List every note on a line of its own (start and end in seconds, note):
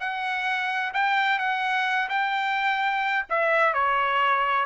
0.00 0.93 F#5
0.94 1.39 G5
1.39 2.09 F#5
2.09 3.26 G5
3.30 3.74 E5
3.74 4.66 C#5